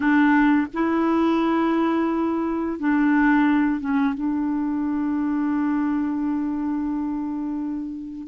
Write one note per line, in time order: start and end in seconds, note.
0.00 0.67 D4
0.73 2.79 E4
2.79 3.80 D4
3.80 4.14 C#4
4.14 8.27 D4